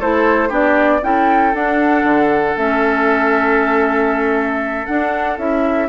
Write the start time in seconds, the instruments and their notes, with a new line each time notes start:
0.00 bassoon A3, clarinet E4, oboe A4, flute C5
0.49 bassoon B3, clarinet D4, oboe G4, flute D5
1.02 bassoon C#4, clarinet E4, oboe A4, flute G5
1.54 bassoon D4, clarinet D4, flute F#5
2.04 bassoon D3
2.57 bassoon A3, clarinet C#4, flute E5
4.87 clarinet D4, bassoon D4, flute F#5
5.38 bassoon C#4, clarinet E4, flute E5